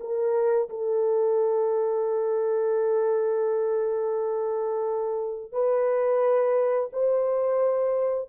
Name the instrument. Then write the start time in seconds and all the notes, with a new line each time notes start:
horn
0.00 A#4
0.69 A4
5.52 B4
6.92 C5